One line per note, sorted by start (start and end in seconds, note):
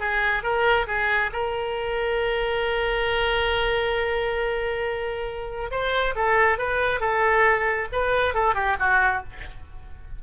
0.00 0.43 G#4
0.43 0.87 A#4
0.87 1.31 G#4
1.33 5.71 A#4
5.71 6.15 C5
6.16 6.58 A4
6.58 7.00 B4
7.00 7.88 A4
7.92 8.34 B4
8.34 8.55 A4
8.55 8.77 G4
8.79 9.23 F#4